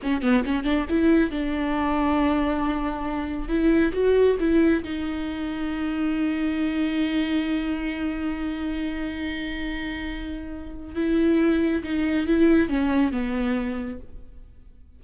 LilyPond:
\new Staff \with { instrumentName = "viola" } { \time 4/4 \tempo 4 = 137 cis'8 b8 cis'8 d'8 e'4 d'4~ | d'1 | e'4 fis'4 e'4 dis'4~ | dis'1~ |
dis'1~ | dis'1~ | dis'4 e'2 dis'4 | e'4 cis'4 b2 | }